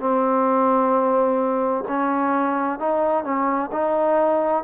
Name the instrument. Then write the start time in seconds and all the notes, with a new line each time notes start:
trombone
0.00 C4
1.88 C#4
2.79 D#4
3.24 C#4
3.72 D#4